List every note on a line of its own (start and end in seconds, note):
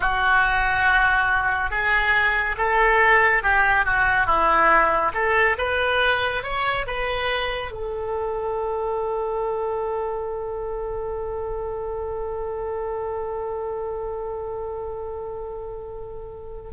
0.00 1.70 F#4
1.70 2.56 G#4
2.57 3.42 A4
3.42 3.85 G4
3.85 4.26 F#4
4.26 5.12 E4
5.14 5.56 A4
5.58 6.43 B4
6.43 6.86 C#5
6.86 7.71 B4
7.71 16.71 A4